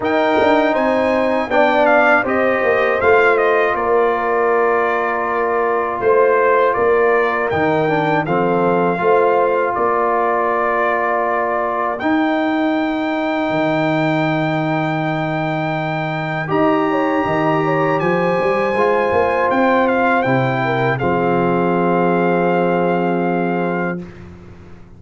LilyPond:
<<
  \new Staff \with { instrumentName = "trumpet" } { \time 4/4 \tempo 4 = 80 g''4 gis''4 g''8 f''8 dis''4 | f''8 dis''8 d''2. | c''4 d''4 g''4 f''4~ | f''4 d''2. |
g''1~ | g''2 ais''2 | gis''2 g''8 f''8 g''4 | f''1 | }
  \new Staff \with { instrumentName = "horn" } { \time 4/4 ais'4 c''4 d''4 c''4~ | c''4 ais'2. | c''4 ais'2 a'4 | c''4 ais'2.~ |
ais'1~ | ais'2 dis''8 cis''8 dis''8 cis''8 | c''2.~ c''8 ais'8 | gis'1 | }
  \new Staff \with { instrumentName = "trombone" } { \time 4/4 dis'2 d'4 g'4 | f'1~ | f'2 dis'8 d'8 c'4 | f'1 |
dis'1~ | dis'2 g'2~ | g'4 f'2 e'4 | c'1 | }
  \new Staff \with { instrumentName = "tuba" } { \time 4/4 dis'8 d'8 c'4 b4 c'8 ais8 | a4 ais2. | a4 ais4 dis4 f4 | a4 ais2. |
dis'2 dis2~ | dis2 dis'4 dis4 | f8 g8 gis8 ais8 c'4 c4 | f1 | }
>>